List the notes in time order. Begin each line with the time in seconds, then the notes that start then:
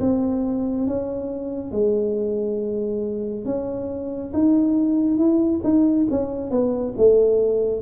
0.00 C4
0.87 C#4
1.72 G#3
3.45 C#4
4.33 D#4
5.17 E4
5.64 D#4
6.10 C#4
6.51 B3
6.97 A3